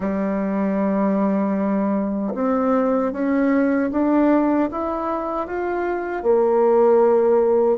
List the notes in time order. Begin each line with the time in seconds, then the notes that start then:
0.00 G3
2.34 C4
3.12 C#4
3.91 D4
4.71 E4
5.46 F4
6.22 A#3